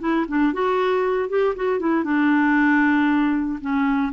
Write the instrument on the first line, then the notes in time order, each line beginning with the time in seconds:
clarinet
0.00 E4
0.28 D4
0.53 F#4
1.29 G4
1.56 F#4
1.80 E4
2.04 D4
3.61 C#4